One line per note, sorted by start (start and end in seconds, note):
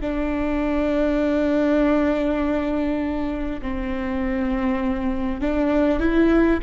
0.00 3.60 D4
3.61 5.40 C4
5.40 5.99 D4
5.99 6.59 E4